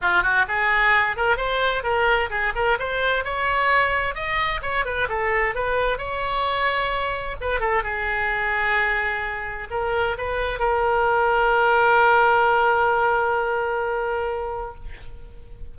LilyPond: \new Staff \with { instrumentName = "oboe" } { \time 4/4 \tempo 4 = 130 f'8 fis'8 gis'4. ais'8 c''4 | ais'4 gis'8 ais'8 c''4 cis''4~ | cis''4 dis''4 cis''8 b'8 a'4 | b'4 cis''2. |
b'8 a'8 gis'2.~ | gis'4 ais'4 b'4 ais'4~ | ais'1~ | ais'1 | }